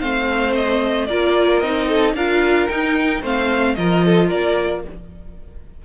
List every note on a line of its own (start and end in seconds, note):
0.00 1.09 A3
0.00 1.08 C4
0.00 1.07 C5
0.00 0.54 F5
0.55 1.06 D#5
1.06 1.61 A#3
1.06 1.63 F4
1.06 1.88 A#4
1.06 1.59 D5
1.59 2.14 C4
1.59 2.16 D#4
1.59 2.13 D#5
1.88 2.15 A4
2.14 2.67 D4
2.14 2.68 F4
2.14 3.21 A#4
2.14 2.68 F5
2.68 3.22 D#4
2.68 3.22 G5
3.21 3.76 A3
3.21 3.76 C4
3.21 3.75 C5
3.21 3.75 F5
3.75 4.31 F3
3.75 4.84 F4
3.75 4.05 A#4
3.75 4.28 D#5
4.05 4.28 A4
4.28 4.84 A#3
4.28 4.81 A#4
4.28 4.83 D5